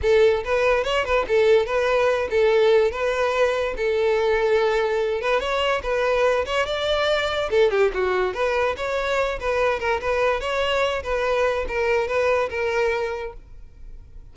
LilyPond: \new Staff \with { instrumentName = "violin" } { \time 4/4 \tempo 4 = 144 a'4 b'4 cis''8 b'8 a'4 | b'4. a'4. b'4~ | b'4 a'2.~ | a'8 b'8 cis''4 b'4. cis''8 |
d''2 a'8 g'8 fis'4 | b'4 cis''4. b'4 ais'8 | b'4 cis''4. b'4. | ais'4 b'4 ais'2 | }